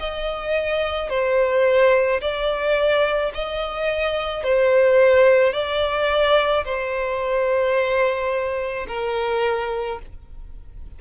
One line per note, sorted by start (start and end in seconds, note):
0.00 1.10 D#5
1.10 2.21 C5
2.22 3.33 D5
3.35 4.44 D#5
4.44 5.54 C5
5.54 6.65 D5
6.65 8.87 C5
8.88 9.99 A#4